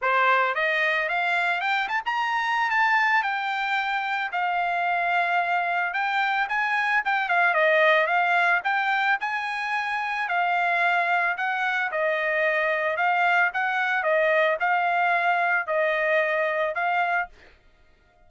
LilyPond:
\new Staff \with { instrumentName = "trumpet" } { \time 4/4 \tempo 4 = 111 c''4 dis''4 f''4 g''8 a''16 ais''16~ | ais''4 a''4 g''2 | f''2. g''4 | gis''4 g''8 f''8 dis''4 f''4 |
g''4 gis''2 f''4~ | f''4 fis''4 dis''2 | f''4 fis''4 dis''4 f''4~ | f''4 dis''2 f''4 | }